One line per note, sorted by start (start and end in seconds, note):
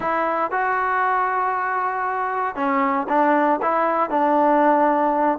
0.00 0.51 E4
0.51 2.55 F#4
2.55 3.06 C#4
3.08 3.59 D4
3.62 4.10 E4
4.10 5.38 D4